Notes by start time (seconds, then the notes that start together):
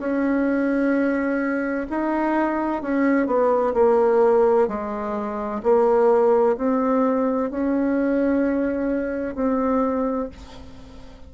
0.00 C#4
1.90 D#4
2.83 C#4
3.27 B3
3.74 A#3
4.68 G#3
5.63 A#3
6.57 C4
7.51 C#4
9.35 C4